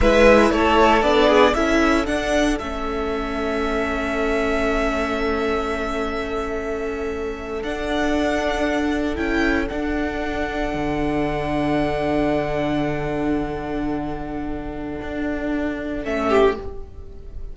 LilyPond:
<<
  \new Staff \with { instrumentName = "violin" } { \time 4/4 \tempo 4 = 116 e''4 cis''4 d''4 e''4 | fis''4 e''2.~ | e''1~ | e''2~ e''8. fis''4~ fis''16~ |
fis''4.~ fis''16 g''4 fis''4~ fis''16~ | fis''1~ | fis''1~ | fis''2. e''4 | }
  \new Staff \with { instrumentName = "violin" } { \time 4/4 b'4 a'4. gis'8 a'4~ | a'1~ | a'1~ | a'1~ |
a'1~ | a'1~ | a'1~ | a'2.~ a'8 g'8 | }
  \new Staff \with { instrumentName = "viola" } { \time 4/4 e'2 d'4 e'4 | d'4 cis'2.~ | cis'1~ | cis'2~ cis'8. d'4~ d'16~ |
d'4.~ d'16 e'4 d'4~ d'16~ | d'1~ | d'1~ | d'2. cis'4 | }
  \new Staff \with { instrumentName = "cello" } { \time 4/4 gis4 a4 b4 cis'4 | d'4 a2.~ | a1~ | a2~ a8. d'4~ d'16~ |
d'4.~ d'16 cis'4 d'4~ d'16~ | d'8. d2.~ d16~ | d1~ | d4 d'2 a4 | }
>>